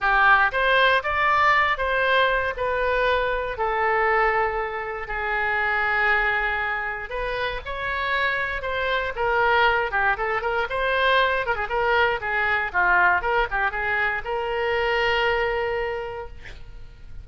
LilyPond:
\new Staff \with { instrumentName = "oboe" } { \time 4/4 \tempo 4 = 118 g'4 c''4 d''4. c''8~ | c''4 b'2 a'4~ | a'2 gis'2~ | gis'2 b'4 cis''4~ |
cis''4 c''4 ais'4. g'8 | a'8 ais'8 c''4. ais'16 gis'16 ais'4 | gis'4 f'4 ais'8 g'8 gis'4 | ais'1 | }